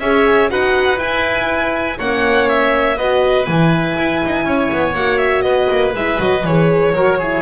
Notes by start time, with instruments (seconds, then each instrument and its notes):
0.00 double bass C#4, horn G#4, oboe C#5, violin E5
0.49 double bass D#4, horn F#4, oboe B4, violin F#5
0.97 horn E4, double bass E4, violin G#5
1.98 double bass A#3, horn C#4, oboe C#5, violin F#5
2.49 violin E5
2.97 double bass B3, horn F#4, oboe B4, violin D#5
3.45 double bass E3, horn E4, violin G#5
3.97 double bass E4
4.25 double bass D#4
4.45 double bass C#4, oboe C#5
4.71 double bass B3
4.93 double bass A#3, horn F#4, violin F#5
5.18 violin E5
5.42 double bass B3, oboe B4, violin D#5
5.70 double bass A#3
5.93 double bass G#3, horn E4, violin E5
6.18 double bass F#3, horn F#4, violin D#5
6.44 double bass E3, horn G#4, violin C#5
6.92 double bass F#3, horn F#4, oboe A#4
7.18 horn E4, oboe G#4